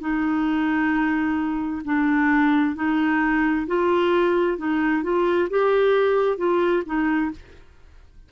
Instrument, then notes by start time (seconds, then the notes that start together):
clarinet
0.00 D#4
1.84 D4
2.75 D#4
3.67 F4
4.57 D#4
5.03 F4
5.49 G4
6.37 F4
6.85 D#4